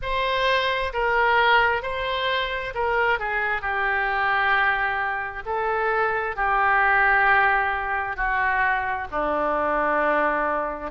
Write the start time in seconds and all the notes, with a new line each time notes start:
0.02 C5
0.93 A#4
1.82 C5
2.74 A#4
3.19 G#4
3.61 G4
5.45 A4
6.36 G4
8.16 F#4
9.11 D4